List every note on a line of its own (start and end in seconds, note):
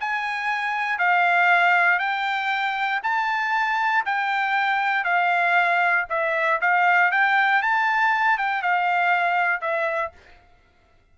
0.00 0.98 G#5
0.98 1.99 F5
1.99 3.01 G5
3.03 4.04 A5
4.05 5.04 G5
5.04 6.06 F5
6.09 6.60 E5
6.61 7.11 F5
7.11 7.62 G5
7.62 8.38 A5
8.38 8.62 G5
8.62 9.61 F5
9.61 10.12 E5